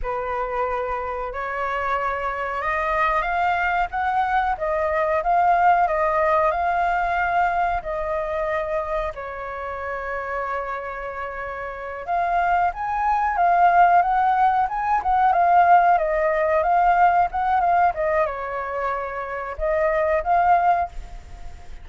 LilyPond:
\new Staff \with { instrumentName = "flute" } { \time 4/4 \tempo 4 = 92 b'2 cis''2 | dis''4 f''4 fis''4 dis''4 | f''4 dis''4 f''2 | dis''2 cis''2~ |
cis''2~ cis''8 f''4 gis''8~ | gis''8 f''4 fis''4 gis''8 fis''8 f''8~ | f''8 dis''4 f''4 fis''8 f''8 dis''8 | cis''2 dis''4 f''4 | }